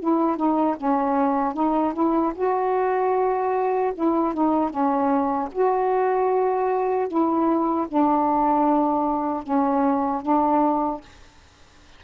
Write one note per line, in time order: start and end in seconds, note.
0.00 0.37 E4
0.37 0.76 D#4
0.77 1.54 C#4
1.54 1.93 D#4
1.94 2.33 E4
2.35 3.93 F#4
3.95 4.34 E4
4.34 4.70 D#4
4.70 5.49 C#4
5.52 7.08 F#4
7.08 7.87 E4
7.88 9.43 D4
9.43 10.22 C#4
10.22 11.01 D4